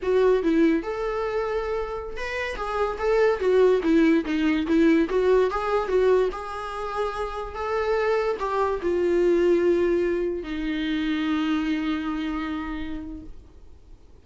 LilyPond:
\new Staff \with { instrumentName = "viola" } { \time 4/4 \tempo 4 = 145 fis'4 e'4 a'2~ | a'4~ a'16 b'4 gis'4 a'8.~ | a'16 fis'4 e'4 dis'4 e'8.~ | e'16 fis'4 gis'4 fis'4 gis'8.~ |
gis'2~ gis'16 a'4.~ a'16~ | a'16 g'4 f'2~ f'8.~ | f'4~ f'16 dis'2~ dis'8.~ | dis'1 | }